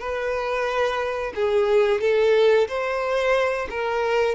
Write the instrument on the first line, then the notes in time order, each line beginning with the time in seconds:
violin
0.00 B4
1.36 G#4
2.01 A4
2.68 C5
3.71 A#4